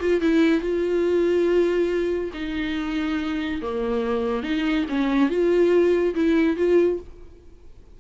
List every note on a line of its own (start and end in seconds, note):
0.00 0.21 F4
0.21 0.61 E4
0.61 2.31 F4
2.33 3.61 D#4
3.62 4.43 A#3
4.43 4.85 D#4
4.89 5.29 C#4
5.29 6.14 F4
6.15 6.57 E4
6.57 6.99 F4